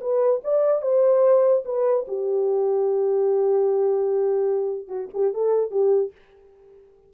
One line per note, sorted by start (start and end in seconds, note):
0.00 0.41 B4
0.44 0.81 D5
0.81 1.63 C5
1.65 2.06 B4
2.08 4.88 G4
4.88 5.08 F#4
5.14 5.34 G4
5.34 5.71 A4
5.71 6.11 G4